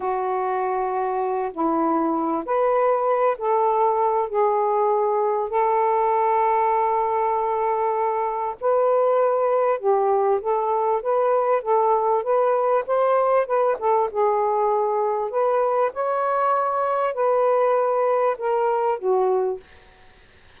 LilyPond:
\new Staff \with { instrumentName = "saxophone" } { \time 4/4 \tempo 4 = 98 fis'2~ fis'8 e'4. | b'4. a'4. gis'4~ | gis'4 a'2.~ | a'2 b'2 |
g'4 a'4 b'4 a'4 | b'4 c''4 b'8 a'8 gis'4~ | gis'4 b'4 cis''2 | b'2 ais'4 fis'4 | }